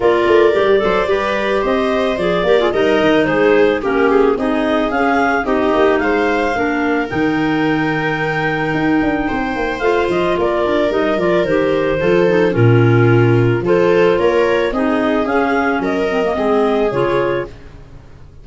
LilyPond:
<<
  \new Staff \with { instrumentName = "clarinet" } { \time 4/4 \tempo 4 = 110 d''2. dis''4 | d''4 dis''4 c''4 ais'8 gis'8 | dis''4 f''4 dis''4 f''4~ | f''4 g''2.~ |
g''2 f''8 dis''8 d''4 | dis''8 d''8 c''2 ais'4~ | ais'4 c''4 cis''4 dis''4 | f''4 dis''2 cis''4 | }
  \new Staff \with { instrumentName = "viola" } { \time 4/4 ais'4. c''8 b'4 c''4~ | c''8 ais'16 gis'16 ais'4 gis'4 g'4 | gis'2 g'4 c''4 | ais'1~ |
ais'4 c''2 ais'4~ | ais'2 a'4 f'4~ | f'4 a'4 ais'4 gis'4~ | gis'4 ais'4 gis'2 | }
  \new Staff \with { instrumentName = "clarinet" } { \time 4/4 f'4 g'8 a'8 g'2 | gis'8 g'16 f'16 dis'2 cis'4 | dis'4 cis'4 dis'2 | d'4 dis'2.~ |
dis'2 f'2 | dis'8 f'8 g'4 f'8 dis'8 cis'4~ | cis'4 f'2 dis'4 | cis'4. c'16 ais16 c'4 f'4 | }
  \new Staff \with { instrumentName = "tuba" } { \time 4/4 ais8 a8 g8 fis8 g4 c'4 | f8 ais8 g8 dis8 gis4 ais4 | c'4 cis'4 c'8 ais8 gis4 | ais4 dis2. |
dis'8 d'8 c'8 ais8 a8 f8 ais8 d'8 | g8 f8 dis4 f4 ais,4~ | ais,4 f4 ais4 c'4 | cis'4 fis4 gis4 cis4 | }
>>